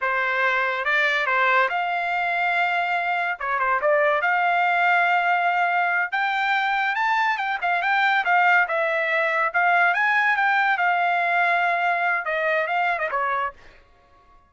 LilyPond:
\new Staff \with { instrumentName = "trumpet" } { \time 4/4 \tempo 4 = 142 c''2 d''4 c''4 | f''1 | cis''8 c''8 d''4 f''2~ | f''2~ f''8 g''4.~ |
g''8 a''4 g''8 f''8 g''4 f''8~ | f''8 e''2 f''4 gis''8~ | gis''8 g''4 f''2~ f''8~ | f''4 dis''4 f''8. dis''16 cis''4 | }